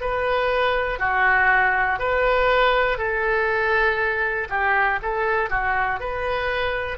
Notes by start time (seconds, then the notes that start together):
0.00 B4
0.99 F#4
1.99 B4
2.98 A4
4.49 G4
5.02 A4
5.49 F#4
6.00 B4